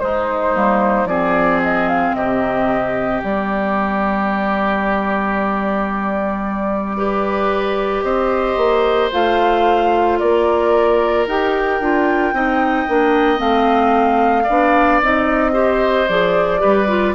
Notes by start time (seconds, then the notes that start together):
0.00 G#3 D#4 C5
0.54 G3 A#3
1.05 F3 C4 G#4 D5
1.63 D#5
1.89 F5
2.15 C3 G4 D#5
3.23 G3 B3 D5
6.97 G4 B4
8.02 C4 C5 D#5
8.57 A#3
9.12 A3 F4 F5
10.19 A#3 A#4 D5
11.27 D#4 G4 G5
11.80 D4 F4
12.33 C4 D#4 D#5
12.88 A#3 D4
13.37 A3 C4 F5
14.44 B3 D5
14.50 D4
15.02 C4 D#4 D#5
15.53 G4 C5
16.08 F3 G#4 D5
16.58 G3 G4 B4
16.88 F4